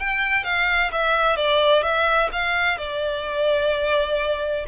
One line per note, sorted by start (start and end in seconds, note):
0.00 0.44 G5
0.44 0.91 F5
0.92 1.36 E5
1.36 1.83 D5
1.83 2.30 E5
2.32 2.78 F5
2.78 4.65 D5